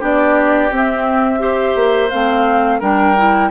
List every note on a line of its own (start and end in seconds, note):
0.00 0.71 B3
0.00 0.70 D4
0.00 1.40 G4
0.00 0.74 D5
0.71 1.76 C4
0.71 1.40 C4
0.71 2.10 E5
1.40 2.09 G4
1.40 2.80 C5
1.76 2.10 A#3
2.10 2.82 A3
2.10 2.81 C4
2.10 2.80 F5
2.80 3.51 G3
2.80 3.16 D4
2.80 3.50 A#4
2.80 3.51 G5
3.17 3.51 E4